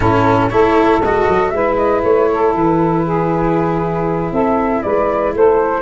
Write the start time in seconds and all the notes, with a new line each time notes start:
0.00 A2 C#4 E4 A4
0.49 A3 E4 A4 C#5
0.99 G#3 F#4 D#5
1.28 F#3
1.49 G#3 E4 B4 E5
1.76 D#5
2.03 A3 C#5
2.32 A4
2.54 E3 B4
3.05 G#4
4.31 C4 A4 E5
4.82 G#3 B4 D5
5.35 A3 A4 C5